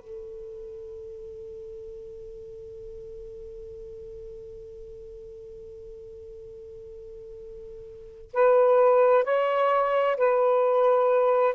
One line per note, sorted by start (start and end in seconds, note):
0.00 8.31 A4
8.33 9.24 B4
9.24 10.16 C#5
10.17 11.54 B4